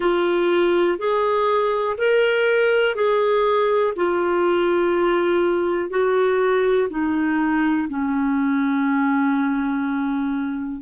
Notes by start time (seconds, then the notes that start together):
0.00 F4
0.98 G#4
1.97 A#4
2.95 G#4
3.96 F4
5.90 F#4
6.89 D#4
7.88 C#4